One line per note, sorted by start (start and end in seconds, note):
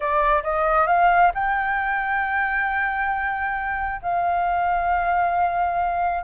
0.00 0.42 D5
0.43 0.87 D#5
0.87 1.31 F5
1.34 4.01 G5
4.02 6.23 F5